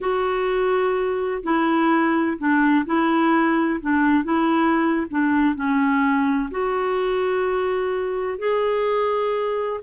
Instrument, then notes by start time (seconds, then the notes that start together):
clarinet
0.01 F#4
1.43 E4
2.38 D4
2.85 E4
3.80 D4
4.23 E4
5.10 D4
5.55 C#4
6.50 F#4
8.38 G#4